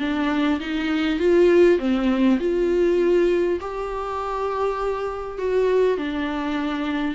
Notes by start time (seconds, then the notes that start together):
0.00 D4
0.61 D#4
1.20 F4
1.79 C4
2.40 F4
3.61 G4
5.39 F#4
5.98 D4